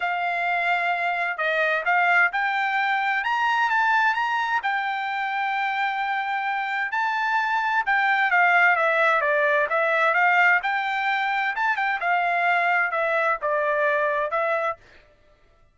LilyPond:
\new Staff \with { instrumentName = "trumpet" } { \time 4/4 \tempo 4 = 130 f''2. dis''4 | f''4 g''2 ais''4 | a''4 ais''4 g''2~ | g''2. a''4~ |
a''4 g''4 f''4 e''4 | d''4 e''4 f''4 g''4~ | g''4 a''8 g''8 f''2 | e''4 d''2 e''4 | }